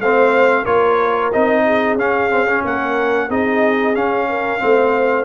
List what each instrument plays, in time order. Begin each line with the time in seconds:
0.00 tuba A3, trombone C4, horn C5, trumpet F5
0.64 tuba A#3, trombone F4, horn A#4, trumpet C#5
1.33 tuba C4, trombone D#4, trumpet D#5
1.66 horn G#4
1.96 tuba C#4, trombone C#4, trumpet F5
2.30 trombone C4
2.48 trombone C#4
2.65 tuba A#3, horn A#4, trumpet F#5
3.28 tuba C4, trombone D#4, horn G#4, trumpet D#5
3.95 trombone C#4, tuba C#4, trumpet F5
4.29 horn A#4
4.60 tuba A3, trombone C4, horn C5